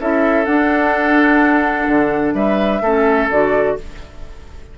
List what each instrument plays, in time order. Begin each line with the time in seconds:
0.00 bassoon C#4, clarinet E4, oboe A4, flute E5
0.45 clarinet D4, bassoon D4, flute F#5
1.88 bassoon D3
2.35 bassoon G3, oboe B4, flute E5
2.82 bassoon A3, clarinet C#4, oboe A4
3.31 bassoon D3, clarinet F#4, flute D5